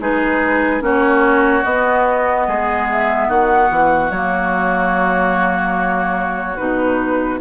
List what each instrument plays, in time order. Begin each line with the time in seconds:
0.00 bassoon G#3, clarinet D#4, oboe G#4, flute B4
0.81 bassoon A#3, clarinet C#4, oboe F#4, flute C#5
1.64 bassoon B3, clarinet B3, flute D#5
2.47 bassoon G#3, oboe G#4
2.91 flute E5
3.28 bassoon D#3, oboe F#4, flute F#5
3.71 bassoon E3
4.10 bassoon F#3, clarinet A#3, flute C#5
6.57 bassoon B2, clarinet D#4, flute B4